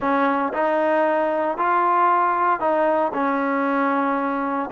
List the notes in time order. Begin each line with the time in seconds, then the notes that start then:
0.00 C#4
0.53 D#4
1.57 F4
2.59 D#4
3.13 C#4